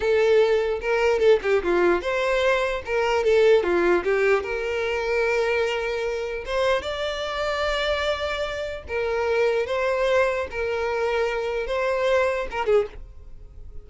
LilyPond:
\new Staff \with { instrumentName = "violin" } { \time 4/4 \tempo 4 = 149 a'2 ais'4 a'8 g'8 | f'4 c''2 ais'4 | a'4 f'4 g'4 ais'4~ | ais'1 |
c''4 d''2.~ | d''2 ais'2 | c''2 ais'2~ | ais'4 c''2 ais'8 gis'8 | }